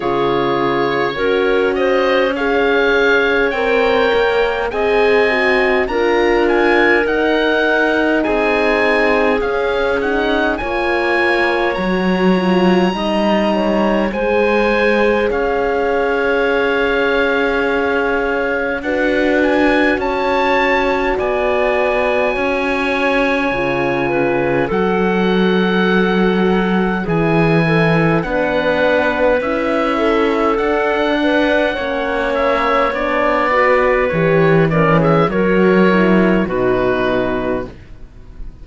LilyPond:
<<
  \new Staff \with { instrumentName = "oboe" } { \time 4/4 \tempo 4 = 51 cis''4. dis''8 f''4 g''4 | gis''4 ais''8 gis''8 fis''4 gis''4 | f''8 fis''8 gis''4 ais''2 | gis''4 f''2. |
fis''8 gis''8 a''4 gis''2~ | gis''4 fis''2 gis''4 | fis''4 e''4 fis''4. e''8 | d''4 cis''8 d''16 e''16 cis''4 b'4 | }
  \new Staff \with { instrumentName = "clarinet" } { \time 4/4 gis'4 ais'8 c''8 cis''2 | dis''4 ais'2 gis'4~ | gis'4 cis''2 dis''8 cis''8 | c''4 cis''2. |
b'4 cis''4 d''4 cis''4~ | cis''8 b'8 a'2 gis'8 a'8 | b'4. a'4 b'8 cis''4~ | cis''8 b'4 ais'16 gis'16 ais'4 fis'4 | }
  \new Staff \with { instrumentName = "horn" } { \time 4/4 f'4 fis'4 gis'4 ais'4 | gis'8 fis'8 f'4 dis'2 | cis'8 dis'8 f'4 fis'8 f'8 dis'4 | gis'1 |
fis'1 | f'4 fis'2 e'4 | d'4 e'4 d'4 cis'4 | d'8 fis'8 g'8 cis'8 fis'8 e'8 dis'4 | }
  \new Staff \with { instrumentName = "cello" } { \time 4/4 cis4 cis'2 c'8 ais8 | c'4 d'4 dis'4 c'4 | cis'4 ais4 fis4 g4 | gis4 cis'2. |
d'4 cis'4 b4 cis'4 | cis4 fis2 e4 | b4 cis'4 d'4 ais4 | b4 e4 fis4 b,4 | }
>>